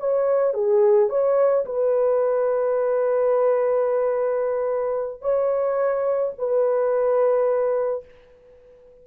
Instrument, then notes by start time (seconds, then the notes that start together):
horn
0.00 C#5
0.54 G#4
1.10 C#5
1.66 B4
5.22 C#5
6.38 B4